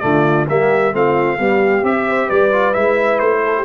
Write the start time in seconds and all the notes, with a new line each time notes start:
0.00 D3 A3 F4 D5
0.49 G3 A#3 G4 E5
0.93 A3 C4 F4 F5
1.39 G3 B3 G4
1.83 C4 G4 E5
2.08 C5
2.27 G3 B4 D5
2.52 F4
2.74 G#3 E4 E5
3.19 A3 C5
3.45 A4
3.58 G4